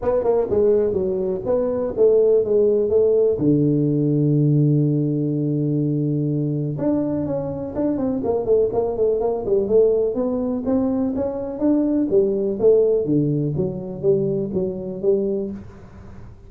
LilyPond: \new Staff \with { instrumentName = "tuba" } { \time 4/4 \tempo 4 = 124 b8 ais8 gis4 fis4 b4 | a4 gis4 a4 d4~ | d1~ | d2 d'4 cis'4 |
d'8 c'8 ais8 a8 ais8 a8 ais8 g8 | a4 b4 c'4 cis'4 | d'4 g4 a4 d4 | fis4 g4 fis4 g4 | }